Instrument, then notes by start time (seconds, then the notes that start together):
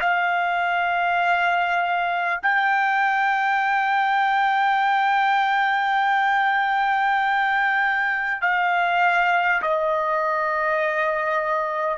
trumpet
0.00 F5
2.42 G5
8.41 F5
9.62 D#5